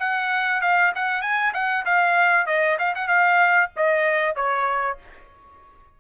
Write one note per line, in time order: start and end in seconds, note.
0.00 0.62 F#5
0.62 0.93 F5
0.96 1.22 F#5
1.22 1.53 G#5
1.54 1.86 F#5
1.86 2.47 F5
2.47 2.78 D#5
2.79 2.95 F5
2.96 3.08 F#5
3.08 3.70 F5
3.77 4.36 D#5
4.36 4.99 C#5